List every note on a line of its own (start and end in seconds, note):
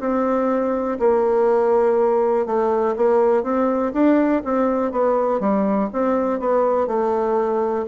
0.00 0.98 C4
0.99 2.46 A#3
2.46 2.95 A3
2.96 3.43 A#3
3.43 3.92 C4
3.93 4.42 D4
4.44 4.92 C4
4.92 5.40 B3
5.40 5.89 G3
5.93 6.39 C4
6.39 6.87 B3
6.87 7.85 A3